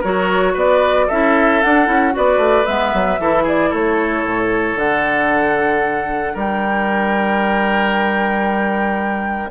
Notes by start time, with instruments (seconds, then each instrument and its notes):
0.00 bassoon F#3, clarinet F#4, oboe A#4, flute C#5
0.53 bassoon B3, oboe B4, flute D5
1.07 bassoon C#4, clarinet E4, oboe A4, flute E5
1.62 clarinet D4, bassoon D4, flute F#5
1.86 bassoon C#4, clarinet E4
2.11 bassoon B3, clarinet F#4, oboe B4, flute D5
2.37 bassoon A3
2.65 bassoon G#3, clarinet B3, flute E5
2.93 bassoon F#3
3.19 bassoon E3, clarinet E4, oboe A4
3.43 oboe G#4, flute D5
3.69 bassoon A3, oboe A4, flute C#5
4.23 bassoon A2
4.76 bassoon D3, clarinet D4, flute F#5
6.34 bassoon G3, oboe A#4, flute G5